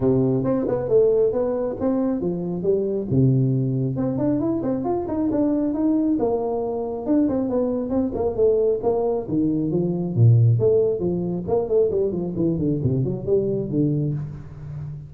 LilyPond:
\new Staff \with { instrumentName = "tuba" } { \time 4/4 \tempo 4 = 136 c4 c'8 b8 a4 b4 | c'4 f4 g4 c4~ | c4 c'8 d'8 e'8 c'8 f'8 dis'8 | d'4 dis'4 ais2 |
d'8 c'8 b4 c'8 ais8 a4 | ais4 dis4 f4 ais,4 | a4 f4 ais8 a8 g8 f8 | e8 d8 c8 fis8 g4 d4 | }